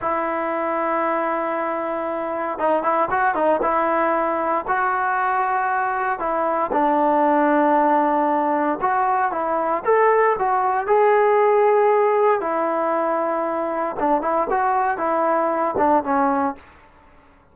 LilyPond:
\new Staff \with { instrumentName = "trombone" } { \time 4/4 \tempo 4 = 116 e'1~ | e'4 dis'8 e'8 fis'8 dis'8 e'4~ | e'4 fis'2. | e'4 d'2.~ |
d'4 fis'4 e'4 a'4 | fis'4 gis'2. | e'2. d'8 e'8 | fis'4 e'4. d'8 cis'4 | }